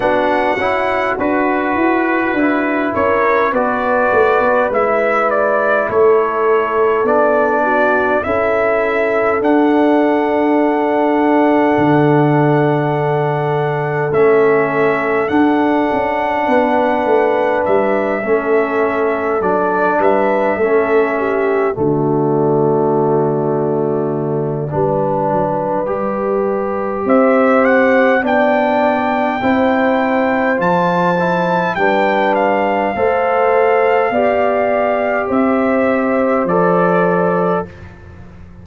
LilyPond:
<<
  \new Staff \with { instrumentName = "trumpet" } { \time 4/4 \tempo 4 = 51 fis''4 b'4. cis''8 d''4 | e''8 d''8 cis''4 d''4 e''4 | fis''1 | e''4 fis''2 e''4~ |
e''8 d''8 e''4. d''4.~ | d''2. e''8 fis''8 | g''2 a''4 g''8 f''8~ | f''2 e''4 d''4 | }
  \new Staff \with { instrumentName = "horn" } { \time 4/4 fis'2~ fis'8 ais'8 b'4~ | b'4 a'4. fis'8 a'4~ | a'1~ | a'2 b'4. a'8~ |
a'4 b'8 a'8 g'8 fis'4.~ | fis'4 b'2 c''4 | d''4 c''2 b'4 | c''4 d''4 c''2 | }
  \new Staff \with { instrumentName = "trombone" } { \time 4/4 d'8 e'8 fis'4 e'4 fis'4 | e'2 d'4 e'4 | d'1 | cis'4 d'2~ d'8 cis'8~ |
cis'8 d'4 cis'4 a4.~ | a4 d'4 g'2 | d'4 e'4 f'8 e'8 d'4 | a'4 g'2 a'4 | }
  \new Staff \with { instrumentName = "tuba" } { \time 4/4 b8 cis'8 d'8 e'8 d'8 cis'8 b8 a16 b16 | gis4 a4 b4 cis'4 | d'2 d2 | a4 d'8 cis'8 b8 a8 g8 a8~ |
a8 fis8 g8 a4 d4.~ | d4 g8 fis8 g4 c'4 | b4 c'4 f4 g4 | a4 b4 c'4 f4 | }
>>